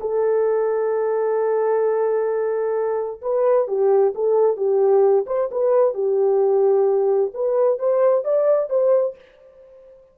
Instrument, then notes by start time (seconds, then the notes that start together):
horn
0.00 A4
3.21 B4
3.67 G4
4.14 A4
4.56 G4
5.26 C5
5.51 B4
5.94 G4
7.33 B4
7.78 C5
8.24 D5
8.69 C5